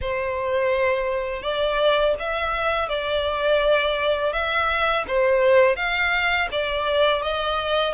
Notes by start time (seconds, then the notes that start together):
0.01 C5
1.42 D5
2.19 E5
2.88 D5
4.32 E5
5.07 C5
5.76 F5
6.51 D5
7.22 D#5